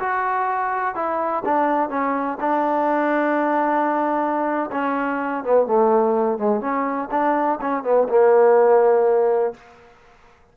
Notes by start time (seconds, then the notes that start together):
0.00 F#4
0.95 E4
1.45 D4
1.90 C#4
2.41 D4
4.72 C#4
5.44 B3
5.67 A3
6.39 G#3
6.61 C#4
7.11 D4
7.62 C#4
7.84 B3
8.09 A#3